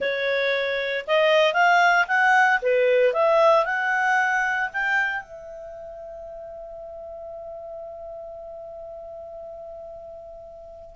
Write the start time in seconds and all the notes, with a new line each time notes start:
0.00 C#5
1.07 D#5
1.53 F5
2.07 F#5
2.61 B4
3.13 E5
3.65 F#5
4.73 G5
5.22 E5